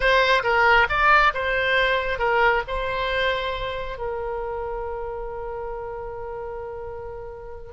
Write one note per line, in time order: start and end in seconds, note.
0.00 0.43 C5
0.43 0.87 A#4
0.89 1.33 D5
1.34 2.18 C5
2.18 2.62 A#4
2.67 3.97 C5
3.97 7.72 A#4